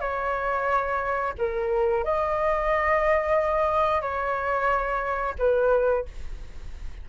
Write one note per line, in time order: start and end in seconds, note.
0.00 1.33 C#5
1.38 2.04 A#4
2.04 4.01 D#5
4.01 5.35 C#5
5.38 6.05 B4